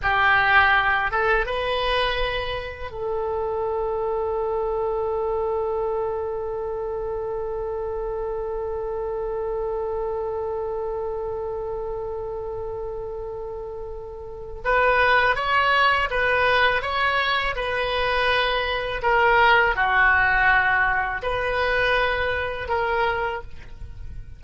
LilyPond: \new Staff \with { instrumentName = "oboe" } { \time 4/4 \tempo 4 = 82 g'4. a'8 b'2 | a'1~ | a'1~ | a'1~ |
a'1 | b'4 cis''4 b'4 cis''4 | b'2 ais'4 fis'4~ | fis'4 b'2 ais'4 | }